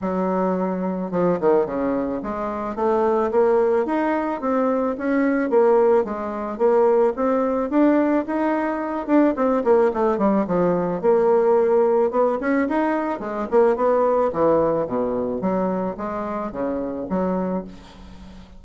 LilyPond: \new Staff \with { instrumentName = "bassoon" } { \time 4/4 \tempo 4 = 109 fis2 f8 dis8 cis4 | gis4 a4 ais4 dis'4 | c'4 cis'4 ais4 gis4 | ais4 c'4 d'4 dis'4~ |
dis'8 d'8 c'8 ais8 a8 g8 f4 | ais2 b8 cis'8 dis'4 | gis8 ais8 b4 e4 b,4 | fis4 gis4 cis4 fis4 | }